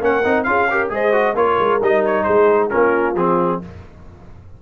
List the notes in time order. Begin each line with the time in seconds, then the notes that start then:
0.00 A#3 C#4 A#4 F#5
0.24 C4 D#4
0.43 C#4 F4 G#4 F5
0.70 G4 A#4
0.89 G#3 G#4 C5 D#5
1.12 F#4
1.34 A#3 F4 A#4 C#5
1.59 G#3
1.81 G3 D#4 D#5
2.05 C#5
2.23 G#3 G#4 C5
2.69 A#3 C#4 F4 A#4
3.14 F3 C4 G#4